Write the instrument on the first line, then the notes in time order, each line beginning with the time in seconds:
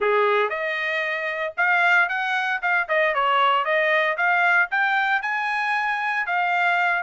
trumpet
0.00 G#4
0.49 D#5
1.57 F5
2.08 F#5
2.62 F5
2.88 D#5
3.14 C#5
3.64 D#5
4.17 F5
4.70 G5
5.22 G#5
6.26 F5